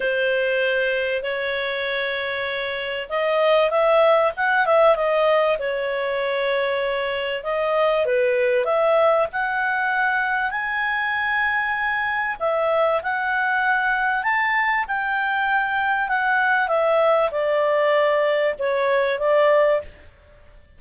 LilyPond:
\new Staff \with { instrumentName = "clarinet" } { \time 4/4 \tempo 4 = 97 c''2 cis''2~ | cis''4 dis''4 e''4 fis''8 e''8 | dis''4 cis''2. | dis''4 b'4 e''4 fis''4~ |
fis''4 gis''2. | e''4 fis''2 a''4 | g''2 fis''4 e''4 | d''2 cis''4 d''4 | }